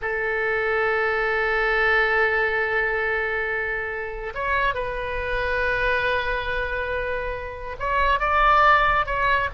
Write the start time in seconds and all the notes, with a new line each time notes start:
0.01 A4
4.34 C#5
4.74 B4
7.79 C#5
8.19 D5
9.05 C#5